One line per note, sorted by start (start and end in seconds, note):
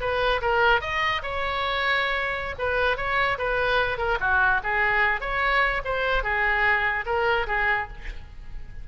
0.00 0.41 B4
0.41 0.81 A#4
0.81 1.22 D#5
1.22 2.55 C#5
2.58 2.97 B4
2.97 3.37 C#5
3.38 3.98 B4
3.98 4.18 A#4
4.20 4.61 F#4
4.63 5.21 G#4
5.21 5.82 C#5
5.84 6.23 C5
6.23 7.05 G#4
7.06 7.46 A#4
7.47 7.88 G#4